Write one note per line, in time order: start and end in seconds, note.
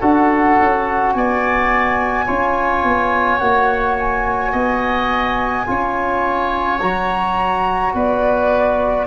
0.00 0.58 D4
0.00 2.27 F#4
0.00 1.13 A4
0.00 1.13 F#5
0.59 1.14 C#4
1.13 2.27 B3
1.13 2.25 D5
1.13 3.38 G#5
2.25 2.83 C#4
2.25 3.40 F4
2.25 4.52 C#5
2.83 3.40 B3
3.38 4.53 A#3
3.38 5.67 F#4
3.38 3.95 F#5
3.99 6.80 G#5
4.52 5.67 B3
4.52 5.65 D#5
5.67 6.82 C#4
5.67 6.80 F4
5.67 7.94 C#5
6.80 7.94 F#3
6.80 9.07 F#4
6.80 7.93 A#5
7.94 9.07 B3
7.94 9.07 B4
7.94 9.07 D5